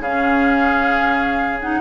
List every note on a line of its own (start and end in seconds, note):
0.00 1.79 C#3
0.00 1.62 C#4
0.00 1.81 G#4
0.00 1.59 F5
1.61 1.81 D#4
1.61 1.81 F#5